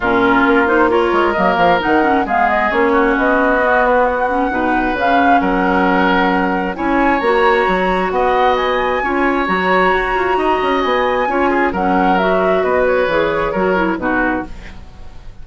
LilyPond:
<<
  \new Staff \with { instrumentName = "flute" } { \time 4/4 \tempo 4 = 133 ais'4. c''8 cis''4 dis''8 f''8 | fis''4 f''8 dis''8 cis''4 dis''4~ | dis''8 b'8 fis''2 f''4 | fis''2. gis''4 |
ais''2 fis''4 gis''4~ | gis''4 ais''2. | gis''2 fis''4 e''4 | dis''8 cis''2~ cis''8 b'4 | }
  \new Staff \with { instrumentName = "oboe" } { \time 4/4 f'2 ais'2~ | ais'4 gis'4. fis'4.~ | fis'2 b'2 | ais'2. cis''4~ |
cis''2 dis''2 | cis''2. dis''4~ | dis''4 cis''8 gis'8 ais'2 | b'2 ais'4 fis'4 | }
  \new Staff \with { instrumentName = "clarinet" } { \time 4/4 cis'4. dis'8 f'4 ais4 | dis'8 cis'8 b4 cis'2 | b4. cis'8 dis'4 cis'4~ | cis'2. e'4 |
fis'1 | f'4 fis'2.~ | fis'4 f'4 cis'4 fis'4~ | fis'4 gis'4 fis'8 e'8 dis'4 | }
  \new Staff \with { instrumentName = "bassoon" } { \time 4/4 ais,4 ais4. gis8 fis8 f8 | dis4 gis4 ais4 b4~ | b2 b,4 cis4 | fis2. cis'4 |
ais4 fis4 b2 | cis'4 fis4 fis'8 f'8 dis'8 cis'8 | b4 cis'4 fis2 | b4 e4 fis4 b,4 | }
>>